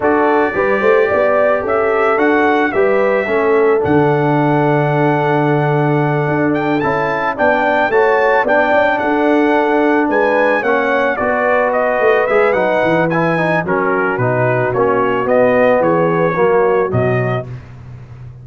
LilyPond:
<<
  \new Staff \with { instrumentName = "trumpet" } { \time 4/4 \tempo 4 = 110 d''2. e''4 | fis''4 e''2 fis''4~ | fis''1 | g''8 a''4 g''4 a''4 g''8~ |
g''8 fis''2 gis''4 fis''8~ | fis''8 d''4 dis''4 e''8 fis''4 | gis''4 ais'4 b'4 cis''4 | dis''4 cis''2 dis''4 | }
  \new Staff \with { instrumentName = "horn" } { \time 4/4 a'4 b'8 c''8 d''4 a'4~ | a'4 b'4 a'2~ | a'1~ | a'4. d''4 cis''4 d''8~ |
d''8 a'2 b'4 cis''8~ | cis''8 b'2.~ b'8~ | b'4 fis'2.~ | fis'4 gis'4 fis'2 | }
  \new Staff \with { instrumentName = "trombone" } { \time 4/4 fis'4 g'2. | fis'4 g'4 cis'4 d'4~ | d'1~ | d'8 e'4 d'4 fis'4 d'8~ |
d'2.~ d'8 cis'8~ | cis'8 fis'2 gis'8 dis'4 | e'8 dis'8 cis'4 dis'4 cis'4 | b2 ais4 fis4 | }
  \new Staff \with { instrumentName = "tuba" } { \time 4/4 d'4 g8 a8 b4 cis'4 | d'4 g4 a4 d4~ | d2.~ d8 d'8~ | d'8 cis'4 b4 a4 b8 |
cis'8 d'2 gis4 ais8~ | ais8 b4. a8 gis8 fis8 e8~ | e4 fis4 b,4 ais4 | b4 e4 fis4 b,4 | }
>>